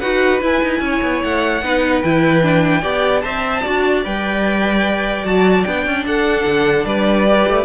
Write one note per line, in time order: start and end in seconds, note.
0.00 0.42 D#4
0.00 0.41 F#4
0.00 0.81 B4
0.00 0.40 F#5
0.41 1.62 E4
0.41 0.62 E4
0.41 1.24 G#5
0.63 0.81 D#4
0.81 1.01 C#4
0.81 1.64 C#5
1.03 1.23 B3
1.24 1.62 A3
1.24 2.02 F#5
1.62 2.03 B3
1.62 2.04 D#4
1.62 2.82 B4
2.02 2.84 E3
2.02 2.42 E4
2.02 3.21 G5
2.42 2.82 D4
2.82 3.24 B3
2.82 3.23 G4
2.82 3.22 D5
3.21 3.65 C4
3.21 3.63 C5
3.21 3.62 E5
3.21 4.02 A5
3.62 4.06 D4
3.62 4.04 F#4
3.62 6.04 D5
4.04 5.24 G3
4.04 5.24 B4
4.04 5.26 G5
5.24 5.65 F#3
5.24 5.65 F#4
5.24 5.64 A5
5.64 5.87 B3
5.64 7.28 D4
5.64 6.04 G5
5.87 6.05 C#4
6.05 6.46 D4
6.05 6.87 A4
6.05 6.86 F#5
6.46 6.85 D3
6.85 7.46 G3
6.85 7.65 B4
6.85 7.65 D5
7.29 7.65 G4
7.48 7.65 A3